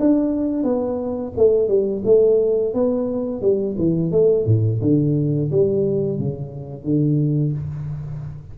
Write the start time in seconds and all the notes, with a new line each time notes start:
0.00 D4
0.64 B3
1.38 A3
1.69 G3
2.05 A3
2.74 B3
3.42 G3
3.78 E3
4.12 A3
4.46 A2
4.82 D3
5.51 G3
6.19 C#3
6.84 D3